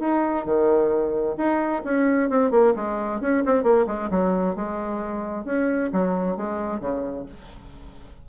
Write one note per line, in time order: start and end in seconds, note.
0.00 0.45 D#4
0.45 1.36 D#3
1.37 1.83 D#4
1.85 2.30 C#4
2.30 2.51 C4
2.51 2.74 A#3
2.76 3.21 G#3
3.21 3.44 C#4
3.46 3.63 C4
3.63 3.86 A#3
3.87 4.10 G#3
4.11 4.56 F#3
4.56 5.45 G#3
5.45 5.90 C#4
5.93 6.37 F#3
6.37 6.80 G#3
6.80 7.26 C#3